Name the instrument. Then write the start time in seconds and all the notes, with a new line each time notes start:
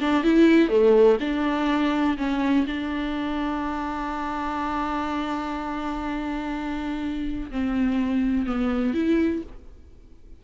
viola
0.00 D4
0.23 E4
0.69 A3
1.20 D4
2.17 C#4
2.66 D4
7.51 C4
8.46 B3
8.94 E4